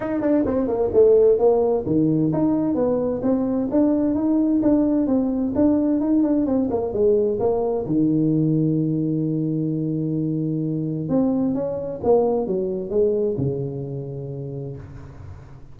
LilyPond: \new Staff \with { instrumentName = "tuba" } { \time 4/4 \tempo 4 = 130 dis'8 d'8 c'8 ais8 a4 ais4 | dis4 dis'4 b4 c'4 | d'4 dis'4 d'4 c'4 | d'4 dis'8 d'8 c'8 ais8 gis4 |
ais4 dis2.~ | dis1 | c'4 cis'4 ais4 fis4 | gis4 cis2. | }